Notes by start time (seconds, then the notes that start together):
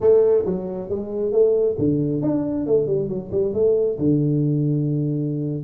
0.00 A3
0.45 F#3
0.89 G#3
1.32 A3
1.78 D3
2.22 D4
2.66 A3
2.86 G3
3.08 F#3
3.31 G3
3.53 A3
3.98 D3